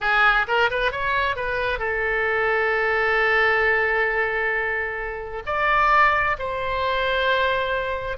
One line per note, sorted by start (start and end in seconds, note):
0.00 0.46 G#4
0.47 0.70 A#4
0.70 0.91 B4
0.91 1.35 C#5
1.35 1.79 B4
1.79 5.42 A4
5.46 6.37 D5
6.38 8.17 C5